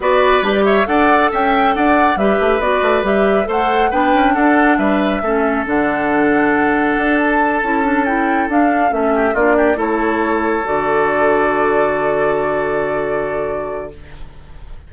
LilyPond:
<<
  \new Staff \with { instrumentName = "flute" } { \time 4/4 \tempo 4 = 138 d''4 d'16 d''16 e''8 fis''4 g''4 | fis''4 e''4 d''4 e''4 | fis''4 g''4 fis''4 e''4~ | e''4 fis''2.~ |
fis''8 a''2 g''4 f''8~ | f''8 e''4 d''4 cis''4.~ | cis''8 d''2.~ d''8~ | d''1 | }
  \new Staff \with { instrumentName = "oboe" } { \time 4/4 b'4. cis''8 d''4 e''4 | d''4 b'2. | c''4 b'4 a'4 b'4 | a'1~ |
a'1~ | a'4 g'8 f'8 g'8 a'4.~ | a'1~ | a'1 | }
  \new Staff \with { instrumentName = "clarinet" } { \time 4/4 fis'4 g'4 a'2~ | a'4 g'4 fis'4 g'4 | a'4 d'2. | cis'4 d'2.~ |
d'4. e'8 d'8 e'4 d'8~ | d'8 cis'4 d'4 e'4.~ | e'8 fis'2.~ fis'8~ | fis'1 | }
  \new Staff \with { instrumentName = "bassoon" } { \time 4/4 b4 g4 d'4 cis'4 | d'4 g8 a8 b8 a8 g4 | a4 b8 cis'8 d'4 g4 | a4 d2. |
d'4. cis'2 d'8~ | d'8 a4 ais4 a4.~ | a8 d2.~ d8~ | d1 | }
>>